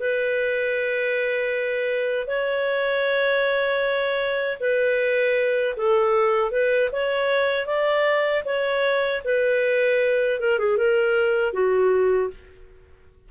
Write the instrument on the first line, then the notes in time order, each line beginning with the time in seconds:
clarinet
0.00 B4
2.28 C#5
4.60 B4
5.77 A4
6.52 B4
6.92 C#5
7.67 D5
8.45 C#5
9.25 B4
10.41 A#4
10.59 G#4
10.78 A#4
11.53 F#4